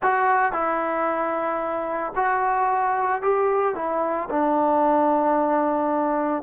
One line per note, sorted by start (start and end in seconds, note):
0.02 0.52 F#4
0.52 2.13 E4
2.15 3.21 F#4
3.21 3.75 G4
3.75 4.28 E4
4.30 6.43 D4